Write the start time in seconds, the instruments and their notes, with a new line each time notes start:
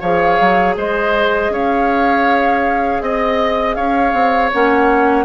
0.00 bassoon F3, clarinet G#4, oboe C#5, flute F5
0.40 bassoon F#3
0.76 bassoon G#3, oboe C5, flute D#5
1.49 bassoon C#4, oboe C#5, flute F5
3.01 bassoon C4, flute D#5, oboe D#5
3.75 bassoon C#4, oboe C#5, flute F5
4.13 bassoon C4
4.52 bassoon A#3, clarinet C#4, flute F#5